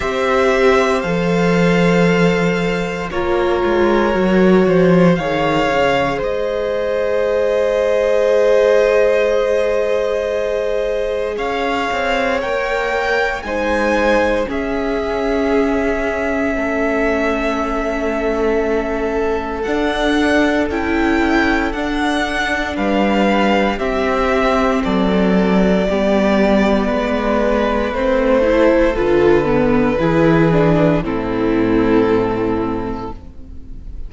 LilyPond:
<<
  \new Staff \with { instrumentName = "violin" } { \time 4/4 \tempo 4 = 58 e''4 f''2 cis''4~ | cis''4 f''4 dis''2~ | dis''2. f''4 | g''4 gis''4 e''2~ |
e''2. fis''4 | g''4 fis''4 f''4 e''4 | d''2. c''4 | b'2 a'2 | }
  \new Staff \with { instrumentName = "violin" } { \time 4/4 c''2. ais'4~ | ais'8 c''8 cis''4 c''2~ | c''2. cis''4~ | cis''4 c''4 gis'2 |
a'1~ | a'2 b'4 g'4 | a'4 g'4 b'4. a'8~ | a'4 gis'4 e'2 | }
  \new Staff \with { instrumentName = "viola" } { \time 4/4 g'4 a'2 f'4 | fis'4 gis'2.~ | gis'1 | ais'4 dis'4 cis'2~ |
cis'2. d'4 | e'4 d'2 c'4~ | c'4 b2 c'8 e'8 | f'8 b8 e'8 d'8 c'2 | }
  \new Staff \with { instrumentName = "cello" } { \time 4/4 c'4 f2 ais8 gis8 | fis8 f8 dis8 cis8 gis2~ | gis2. cis'8 c'8 | ais4 gis4 cis'2 |
a2. d'4 | cis'4 d'4 g4 c'4 | fis4 g4 gis4 a4 | d4 e4 a,2 | }
>>